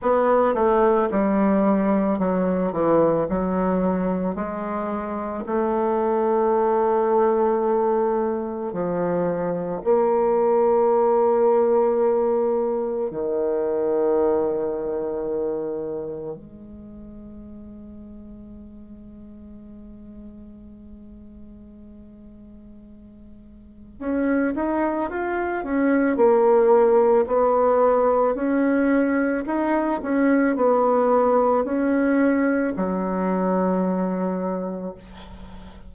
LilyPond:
\new Staff \with { instrumentName = "bassoon" } { \time 4/4 \tempo 4 = 55 b8 a8 g4 fis8 e8 fis4 | gis4 a2. | f4 ais2. | dis2. gis4~ |
gis1~ | gis2 cis'8 dis'8 f'8 cis'8 | ais4 b4 cis'4 dis'8 cis'8 | b4 cis'4 fis2 | }